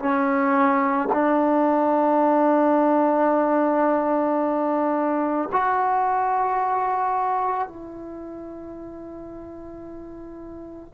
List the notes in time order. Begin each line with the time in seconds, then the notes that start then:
0.00 C#4
1.13 D4
5.52 F#4
7.68 E4